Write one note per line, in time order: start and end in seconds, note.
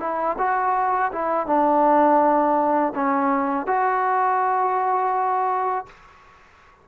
0.00 0.37 E4
0.38 1.11 F#4
1.12 1.47 E4
1.47 2.93 D4
2.95 3.67 C#4
3.67 5.86 F#4